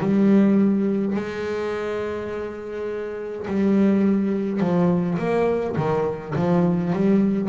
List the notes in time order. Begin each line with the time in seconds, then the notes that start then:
0.00 G3
1.15 G#3
3.47 G3
4.60 F3
5.18 A#3
5.76 D#3
6.35 F3
6.92 G3